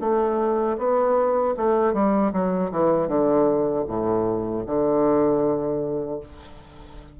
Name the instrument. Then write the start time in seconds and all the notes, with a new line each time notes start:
bassoon
0.00 A3
0.78 B3
1.57 A3
1.93 G3
2.33 F#3
2.71 E3
3.07 D3
3.87 A2
4.66 D3